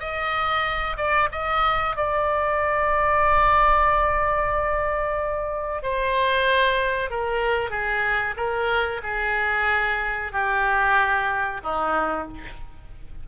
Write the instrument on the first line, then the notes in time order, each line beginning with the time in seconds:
oboe
0.00 D#5
0.97 D5
1.32 D#5
1.96 D5
5.83 C5
7.10 A#4
7.70 G#4
8.37 A#4
9.04 G#4
10.32 G4
11.63 D#4